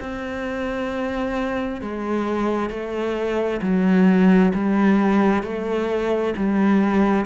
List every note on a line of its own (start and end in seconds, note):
0.00 1.81 C4
1.81 2.70 G#3
2.70 3.61 A3
3.62 4.53 F#3
4.55 5.43 G3
5.43 6.34 A3
6.37 7.26 G3